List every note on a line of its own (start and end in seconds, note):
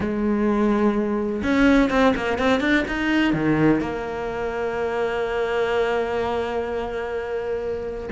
0.00 1.42 G#3
1.43 1.90 C#4
1.90 2.14 C4
2.16 2.38 A#3
2.38 2.60 C4
2.60 2.84 D4
2.87 3.33 D#4
3.33 3.80 D#3
3.80 8.09 A#3